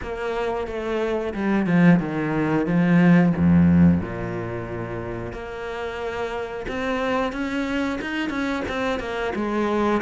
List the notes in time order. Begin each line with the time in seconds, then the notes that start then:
0.02 A#3
0.67 A3
1.34 G3
1.66 F3
1.99 D#3
2.66 F3
3.36 F2
4.01 A#2
5.32 A#3
6.68 C4
7.32 C#4
8.01 D#4
8.29 C#4
8.68 C4
8.99 A#3
9.35 G#3